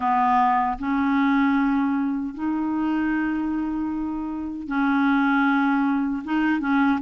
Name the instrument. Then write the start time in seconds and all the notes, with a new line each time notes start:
clarinet
0.00 B3
0.78 C#4
2.34 D#4
4.67 C#4
6.24 D#4
6.60 C#4